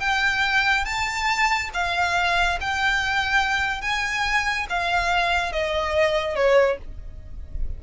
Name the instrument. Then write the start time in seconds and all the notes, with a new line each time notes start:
violin
0.00 G5
0.85 A5
1.74 F5
2.61 G5
3.81 G#5
4.69 F5
5.52 D#5
6.36 C#5